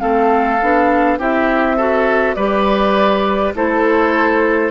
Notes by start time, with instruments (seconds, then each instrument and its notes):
0.00 bassoon A3, clarinet C4, oboe A4, flute F5
0.62 bassoon B3, clarinet D4
1.19 bassoon C4, clarinet E4, oboe G4, flute E5
1.77 clarinet F#4, oboe A4
2.35 bassoon G3, clarinet G4, oboe B4, flute D5
3.55 bassoon A3, clarinet E4, oboe A4, flute C5